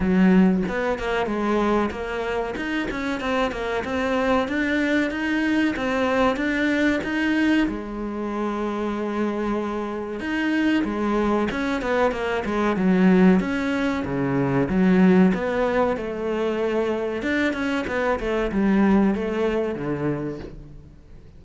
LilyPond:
\new Staff \with { instrumentName = "cello" } { \time 4/4 \tempo 4 = 94 fis4 b8 ais8 gis4 ais4 | dis'8 cis'8 c'8 ais8 c'4 d'4 | dis'4 c'4 d'4 dis'4 | gis1 |
dis'4 gis4 cis'8 b8 ais8 gis8 | fis4 cis'4 cis4 fis4 | b4 a2 d'8 cis'8 | b8 a8 g4 a4 d4 | }